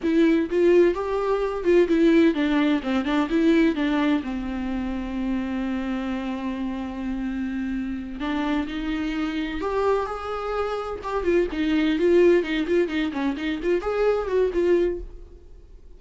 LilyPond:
\new Staff \with { instrumentName = "viola" } { \time 4/4 \tempo 4 = 128 e'4 f'4 g'4. f'8 | e'4 d'4 c'8 d'8 e'4 | d'4 c'2.~ | c'1~ |
c'4. d'4 dis'4.~ | dis'8 g'4 gis'2 g'8 | f'8 dis'4 f'4 dis'8 f'8 dis'8 | cis'8 dis'8 f'8 gis'4 fis'8 f'4 | }